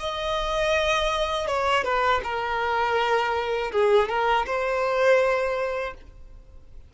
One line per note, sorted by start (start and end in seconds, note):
0.00 1.48 D#5
1.48 1.84 C#5
1.84 2.21 B4
2.24 3.72 A#4
3.73 4.09 G#4
4.09 4.46 A#4
4.46 5.95 C5